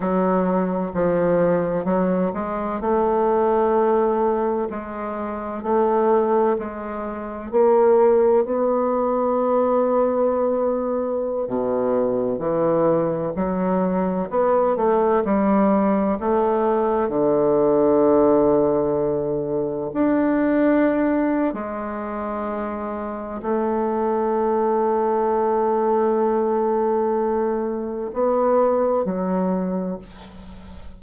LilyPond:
\new Staff \with { instrumentName = "bassoon" } { \time 4/4 \tempo 4 = 64 fis4 f4 fis8 gis8 a4~ | a4 gis4 a4 gis4 | ais4 b2.~ | b16 b,4 e4 fis4 b8 a16~ |
a16 g4 a4 d4.~ d16~ | d4~ d16 d'4.~ d'16 gis4~ | gis4 a2.~ | a2 b4 fis4 | }